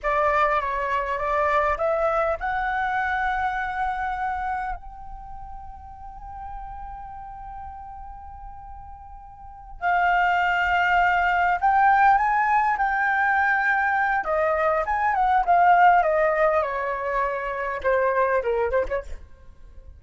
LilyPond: \new Staff \with { instrumentName = "flute" } { \time 4/4 \tempo 4 = 101 d''4 cis''4 d''4 e''4 | fis''1 | g''1~ | g''1~ |
g''8 f''2. g''8~ | g''8 gis''4 g''2~ g''8 | dis''4 gis''8 fis''8 f''4 dis''4 | cis''2 c''4 ais'8 c''16 cis''16 | }